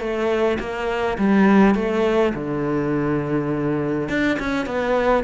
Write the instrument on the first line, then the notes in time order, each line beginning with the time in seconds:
cello
0.00 A3
0.60 A#3
1.18 G3
1.75 A3
2.35 D3
4.09 D4
4.40 C#4
4.66 B3